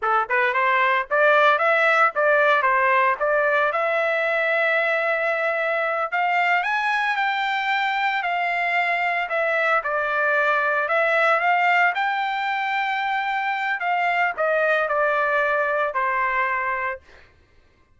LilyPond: \new Staff \with { instrumentName = "trumpet" } { \time 4/4 \tempo 4 = 113 a'8 b'8 c''4 d''4 e''4 | d''4 c''4 d''4 e''4~ | e''2.~ e''8 f''8~ | f''8 gis''4 g''2 f''8~ |
f''4. e''4 d''4.~ | d''8 e''4 f''4 g''4.~ | g''2 f''4 dis''4 | d''2 c''2 | }